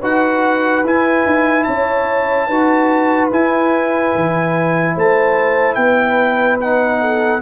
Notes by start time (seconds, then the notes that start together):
0.00 D#4 F#4 B4 F#5
0.84 E4 G#5
1.25 D#4
1.64 C#4 C#5 A5
2.47 D#4 F#4 B4
3.31 E4 G#5
4.15 E3
4.95 A3 C5 A5
5.75 B3 B4 G5
6.60 D#4 F#5
7.00 A4